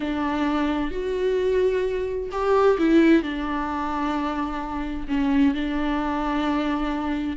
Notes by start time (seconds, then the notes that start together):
0.00 D4
0.91 F#4
2.31 G4
2.78 E4
3.22 D4
5.08 C#4
5.54 D4